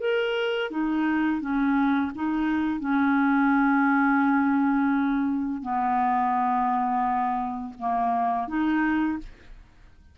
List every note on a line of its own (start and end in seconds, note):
0.00 0.71 A#4
0.71 1.41 D#4
1.41 2.11 C#4
2.15 2.80 D#4
2.80 5.62 C#4
5.62 7.74 B3
7.79 8.48 A#3
8.48 9.18 D#4